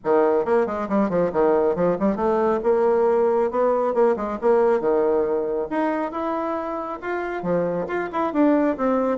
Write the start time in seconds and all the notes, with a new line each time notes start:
0.04 D#3
0.45 A#3
0.66 G#3
0.88 G3
1.09 F3
1.32 D#3
1.75 F3
1.99 G3
2.16 A3
2.63 A#3
3.50 B3
3.93 A#3
4.16 G#3
4.41 A#3
4.80 D#3
5.70 D#4
6.11 E4
7.01 F4
7.42 F3
7.87 F4
8.12 E4
8.33 D4
8.77 C4